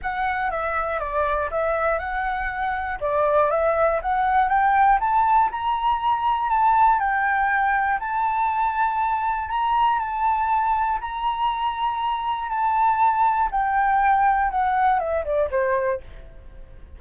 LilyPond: \new Staff \with { instrumentName = "flute" } { \time 4/4 \tempo 4 = 120 fis''4 e''4 d''4 e''4 | fis''2 d''4 e''4 | fis''4 g''4 a''4 ais''4~ | ais''4 a''4 g''2 |
a''2. ais''4 | a''2 ais''2~ | ais''4 a''2 g''4~ | g''4 fis''4 e''8 d''8 c''4 | }